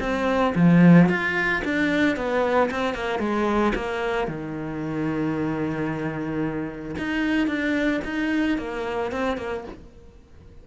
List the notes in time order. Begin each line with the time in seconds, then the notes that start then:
0.00 C4
0.55 F3
1.09 F4
1.65 D4
2.17 B3
2.71 C4
2.95 A#3
3.19 G#3
3.75 A#3
4.28 D#3
6.98 D#4
7.48 D4
8.04 D#4
8.58 A#3
9.11 C4
9.37 A#3